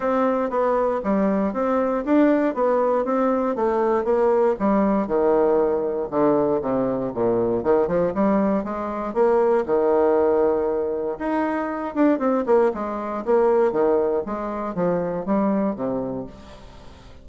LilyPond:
\new Staff \with { instrumentName = "bassoon" } { \time 4/4 \tempo 4 = 118 c'4 b4 g4 c'4 | d'4 b4 c'4 a4 | ais4 g4 dis2 | d4 c4 ais,4 dis8 f8 |
g4 gis4 ais4 dis4~ | dis2 dis'4. d'8 | c'8 ais8 gis4 ais4 dis4 | gis4 f4 g4 c4 | }